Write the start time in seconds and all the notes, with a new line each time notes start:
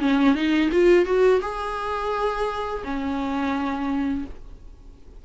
0.00 C#4
0.35 D#4
0.72 F4
1.06 F#4
1.41 G#4
2.84 C#4